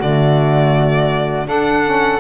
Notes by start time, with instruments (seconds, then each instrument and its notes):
0.00 double bass D3, saxophone A3, flute F#4, violin D5
1.46 saxophone D4, double bass D4, flute A4, violin F#5
1.84 saxophone C#4